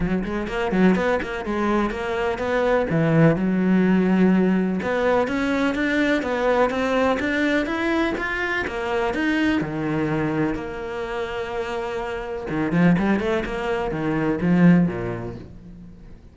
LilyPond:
\new Staff \with { instrumentName = "cello" } { \time 4/4 \tempo 4 = 125 fis8 gis8 ais8 fis8 b8 ais8 gis4 | ais4 b4 e4 fis4~ | fis2 b4 cis'4 | d'4 b4 c'4 d'4 |
e'4 f'4 ais4 dis'4 | dis2 ais2~ | ais2 dis8 f8 g8 a8 | ais4 dis4 f4 ais,4 | }